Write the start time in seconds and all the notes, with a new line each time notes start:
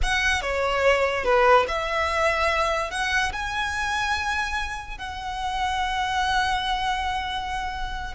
0.02 F#5
0.41 C#5
1.24 B4
1.68 E5
2.90 F#5
3.32 G#5
4.98 F#5